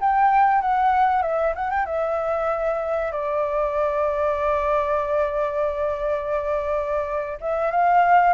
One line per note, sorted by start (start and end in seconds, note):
0.00 0.61 G5
0.61 1.22 F#5
1.22 1.54 E5
1.55 1.70 F#5
1.70 1.85 G5
1.85 3.12 E5
3.12 7.38 D5
7.41 7.71 E5
7.71 8.33 F5